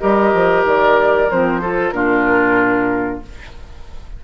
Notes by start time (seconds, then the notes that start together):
0.00 G3 G4 A#4 D#5
0.34 F3
0.65 D#3 D5
1.30 F3 C4 C5
1.61 F4 A4
1.91 A#2 D4 F4 A#4